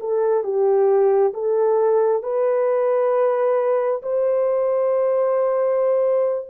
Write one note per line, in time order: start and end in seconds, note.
0.00 0.44 A4
0.44 1.33 G4
1.34 2.23 A4
2.23 4.02 B4
4.02 6.48 C5